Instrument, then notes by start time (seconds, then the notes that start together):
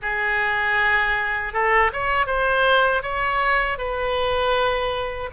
oboe
0.01 G#4
1.53 A4
1.92 C#5
2.26 C5
3.02 C#5
3.78 B4